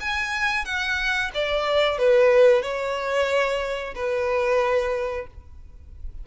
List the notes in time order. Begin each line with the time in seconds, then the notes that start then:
0.00 G#5
0.65 F#5
1.34 D5
1.98 B4
2.62 C#5
3.95 B4